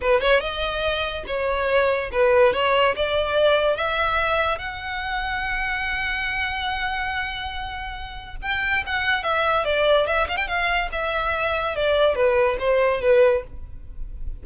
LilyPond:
\new Staff \with { instrumentName = "violin" } { \time 4/4 \tempo 4 = 143 b'8 cis''8 dis''2 cis''4~ | cis''4 b'4 cis''4 d''4~ | d''4 e''2 fis''4~ | fis''1~ |
fis''1 | g''4 fis''4 e''4 d''4 | e''8 f''16 g''16 f''4 e''2 | d''4 b'4 c''4 b'4 | }